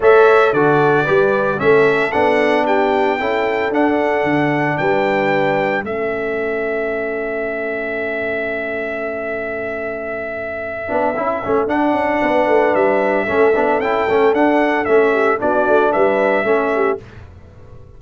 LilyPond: <<
  \new Staff \with { instrumentName = "trumpet" } { \time 4/4 \tempo 4 = 113 e''4 d''2 e''4 | fis''4 g''2 fis''4~ | fis''4 g''2 e''4~ | e''1~ |
e''1~ | e''2 fis''2 | e''2 g''4 fis''4 | e''4 d''4 e''2 | }
  \new Staff \with { instrumentName = "horn" } { \time 4/4 cis''4 a'4 b'4 a'4~ | a'4 g'4 a'2~ | a'4 b'2 a'4~ | a'1~ |
a'1~ | a'2. b'4~ | b'4 a'2.~ | a'8 g'8 fis'4 b'4 a'8 g'8 | }
  \new Staff \with { instrumentName = "trombone" } { \time 4/4 a'4 fis'4 g'4 cis'4 | d'2 e'4 d'4~ | d'2. cis'4~ | cis'1~ |
cis'1~ | cis'8 d'8 e'8 cis'8 d'2~ | d'4 cis'8 d'8 e'8 cis'8 d'4 | cis'4 d'2 cis'4 | }
  \new Staff \with { instrumentName = "tuba" } { \time 4/4 a4 d4 g4 a4 | b2 cis'4 d'4 | d4 g2 a4~ | a1~ |
a1~ | a8 b8 cis'8 a8 d'8 cis'8 b8 a8 | g4 a8 b8 cis'8 a8 d'4 | a4 b8 a8 g4 a4 | }
>>